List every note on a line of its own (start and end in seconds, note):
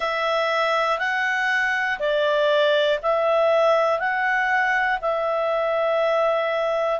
0.00 0.98 E5
0.98 1.98 F#5
1.99 2.99 D5
3.02 3.99 E5
3.99 4.99 F#5
5.01 7.00 E5